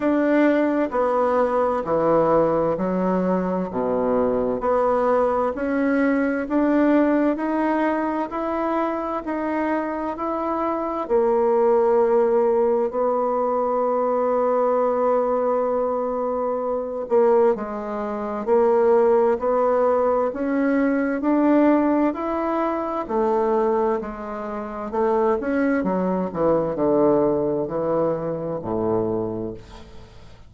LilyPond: \new Staff \with { instrumentName = "bassoon" } { \time 4/4 \tempo 4 = 65 d'4 b4 e4 fis4 | b,4 b4 cis'4 d'4 | dis'4 e'4 dis'4 e'4 | ais2 b2~ |
b2~ b8 ais8 gis4 | ais4 b4 cis'4 d'4 | e'4 a4 gis4 a8 cis'8 | fis8 e8 d4 e4 a,4 | }